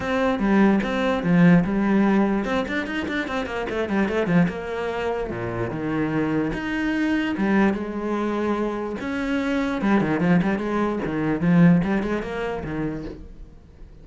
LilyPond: \new Staff \with { instrumentName = "cello" } { \time 4/4 \tempo 4 = 147 c'4 g4 c'4 f4 | g2 c'8 d'8 dis'8 d'8 | c'8 ais8 a8 g8 a8 f8 ais4~ | ais4 ais,4 dis2 |
dis'2 g4 gis4~ | gis2 cis'2 | g8 dis8 f8 g8 gis4 dis4 | f4 g8 gis8 ais4 dis4 | }